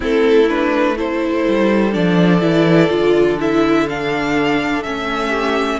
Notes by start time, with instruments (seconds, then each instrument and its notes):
0.00 cello A3, viola C4, violin E4 A4
0.49 viola D4, violin B4
0.96 viola E4, violin A4 C5
1.48 cello G3
1.92 cello F3, viola D4, violin D5
2.40 cello E3, viola E4
2.88 cello D3, viola F4
3.39 viola E4, violin E5
3.89 viola D4, violin F5
4.82 cello A3, viola C#4, violin E5
5.27 violin G4